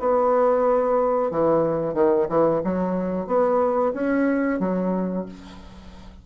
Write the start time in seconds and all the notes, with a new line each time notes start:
0.00 B3
1.31 E3
1.95 D#3
2.29 E3
2.64 F#3
3.27 B3
3.94 C#4
4.60 F#3